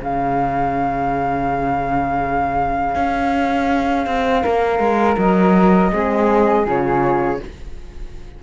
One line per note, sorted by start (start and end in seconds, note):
0.00 2.95 C#3
0.00 5.92 C#4
0.00 4.43 G#4
0.00 5.18 F5
2.95 4.06 C#4
4.06 4.44 C4
4.43 4.79 A#3
4.43 5.91 A#4
4.79 5.16 G#3
5.18 5.92 F#3
5.18 6.66 D#5
5.92 6.66 G#3
5.92 6.66 C4
5.92 7.41 G#4
6.66 7.40 C#3
6.66 7.40 F4
6.66 7.43 C#5